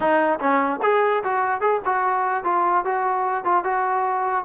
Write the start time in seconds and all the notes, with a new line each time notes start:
0.00 D#4
0.39 C#4
0.82 G#4
1.23 F#4
1.60 G#4
1.85 F#4
2.44 F4
2.85 F#4
3.44 F4
3.64 F#4